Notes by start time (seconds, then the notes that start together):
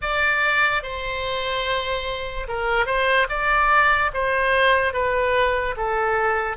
0.01 D5
0.83 C5
2.48 A#4
2.86 C5
3.29 D5
4.13 C5
4.93 B4
5.76 A4